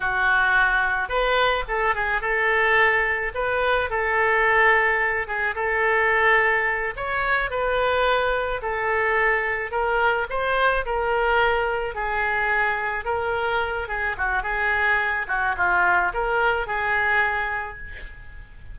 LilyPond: \new Staff \with { instrumentName = "oboe" } { \time 4/4 \tempo 4 = 108 fis'2 b'4 a'8 gis'8 | a'2 b'4 a'4~ | a'4. gis'8 a'2~ | a'8 cis''4 b'2 a'8~ |
a'4. ais'4 c''4 ais'8~ | ais'4. gis'2 ais'8~ | ais'4 gis'8 fis'8 gis'4. fis'8 | f'4 ais'4 gis'2 | }